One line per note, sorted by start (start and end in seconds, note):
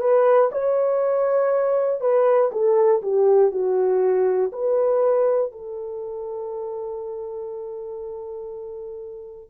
0.00 0.50 B4
0.52 2.01 C#5
2.01 2.51 B4
2.51 3.01 A4
3.02 3.51 G4
3.51 4.51 F#4
4.52 5.51 B4
5.51 9.50 A4